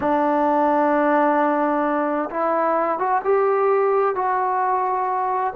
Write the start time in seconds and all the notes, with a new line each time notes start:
0.00 D4
2.30 E4
2.98 F#4
3.23 G4
4.15 F#4